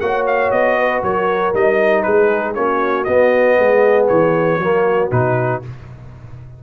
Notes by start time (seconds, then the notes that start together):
0.00 A#3 F#4 C#5 F#5
0.27 F5
0.51 B3 D#5
0.79 B4
1.03 F#3 A#4 C#5
1.54 G3 D#4 D#5
2.03 G#3 G#4 B4
2.55 A#3 C#4 F#4 C#5
3.04 B3 D#5
3.58 G#3 G#4
4.08 E3 C#5
4.58 F#3 A#3 F#4
5.11 B2 D#4 B4